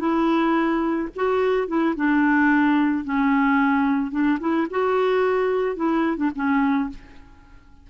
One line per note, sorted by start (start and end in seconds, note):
0.00 1.09 E4
1.16 1.68 F#4
1.68 1.95 E4
1.97 3.05 D4
3.05 4.12 C#4
4.12 4.39 D4
4.41 4.68 E4
4.71 5.76 F#4
5.76 6.17 E4
6.17 6.31 D4
6.35 6.90 C#4